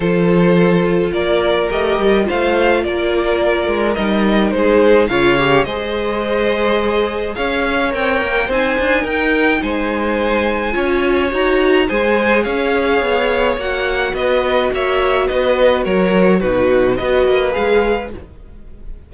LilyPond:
<<
  \new Staff \with { instrumentName = "violin" } { \time 4/4 \tempo 4 = 106 c''2 d''4 dis''4 | f''4 d''2 dis''4 | c''4 f''4 dis''2~ | dis''4 f''4 g''4 gis''4 |
g''4 gis''2. | ais''4 gis''4 f''2 | fis''4 dis''4 e''4 dis''4 | cis''4 b'4 dis''4 f''4 | }
  \new Staff \with { instrumentName = "violin" } { \time 4/4 a'2 ais'2 | c''4 ais'2. | gis'4 cis''4 c''2~ | c''4 cis''2 c''4 |
ais'4 c''2 cis''4~ | cis''4 c''4 cis''2~ | cis''4 b'4 cis''4 b'4 | ais'4 fis'4 b'2 | }
  \new Staff \with { instrumentName = "viola" } { \time 4/4 f'2. g'4 | f'2. dis'4~ | dis'4 f'8 g'8 gis'2~ | gis'2 ais'4 dis'4~ |
dis'2. f'4 | fis'4 gis'2. | fis'1~ | fis'4 dis'4 fis'4 gis'4 | }
  \new Staff \with { instrumentName = "cello" } { \time 4/4 f2 ais4 a8 g8 | a4 ais4. gis8 g4 | gis4 cis4 gis2~ | gis4 cis'4 c'8 ais8 c'8 d'8 |
dis'4 gis2 cis'4 | dis'4 gis4 cis'4 b4 | ais4 b4 ais4 b4 | fis4 b,4 b8 ais8 gis4 | }
>>